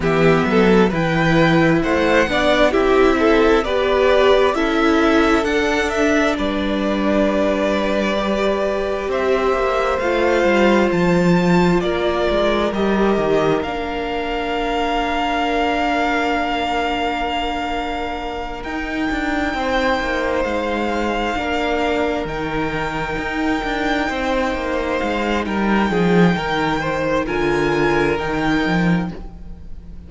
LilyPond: <<
  \new Staff \with { instrumentName = "violin" } { \time 4/4 \tempo 4 = 66 e''4 g''4 fis''4 e''4 | d''4 e''4 fis''8 e''8 d''4~ | d''2 e''4 f''4 | a''4 d''4 dis''4 f''4~ |
f''1~ | f''8 g''2 f''4.~ | f''8 g''2. f''8 | g''2 gis''4 g''4 | }
  \new Staff \with { instrumentName = "violin" } { \time 4/4 g'8 a'8 b'4 c''8 d''8 g'8 a'8 | b'4 a'2 b'4~ | b'2 c''2~ | c''4 ais'2.~ |
ais'1~ | ais'4. c''2 ais'8~ | ais'2~ ais'8 c''4. | ais'8 gis'8 ais'8 c''8 ais'2 | }
  \new Staff \with { instrumentName = "viola" } { \time 4/4 b4 e'4. d'8 e'4 | g'4 e'4 d'2~ | d'4 g'2 f'4~ | f'2 g'4 d'4~ |
d'1~ | d'8 dis'2. d'8~ | d'8 dis'2.~ dis'8~ | dis'2 f'4 dis'4 | }
  \new Staff \with { instrumentName = "cello" } { \time 4/4 e8 fis8 e4 a8 b8 c'4 | b4 cis'4 d'4 g4~ | g2 c'8 ais8 a8 g8 | f4 ais8 gis8 g8 dis8 ais4~ |
ais1~ | ais8 dis'8 d'8 c'8 ais8 gis4 ais8~ | ais8 dis4 dis'8 d'8 c'8 ais8 gis8 | g8 f8 dis4 d4 dis8 f8 | }
>>